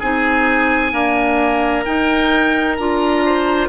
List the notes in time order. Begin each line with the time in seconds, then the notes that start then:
0.00 C4 D#4 G#4 G#5
0.92 A#3 D4 A#4
1.85 D#4 G5
2.77 D4 F4 A#5
3.26 C5